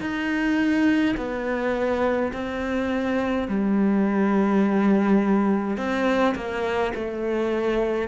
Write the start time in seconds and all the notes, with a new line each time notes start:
0.00 D#4
1.16 B3
2.32 C4
3.48 G3
5.77 C4
6.35 A#3
6.95 A3